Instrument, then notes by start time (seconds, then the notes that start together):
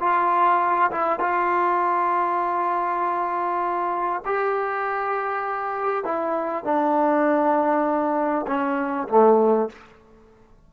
trombone
0.00 F4
0.91 E4
1.20 F4
4.25 G4
6.04 E4
6.64 D4
8.47 C#4
9.09 A3